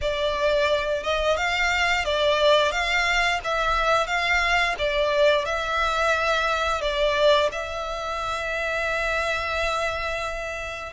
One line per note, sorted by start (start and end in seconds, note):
0.01 1.03 D5
1.03 1.36 D#5
1.36 2.05 F5
2.05 2.71 D5
2.71 3.39 F5
3.44 4.07 E5
4.07 4.75 F5
4.78 5.45 D5
5.45 6.81 E5
6.81 7.49 D5
7.52 10.92 E5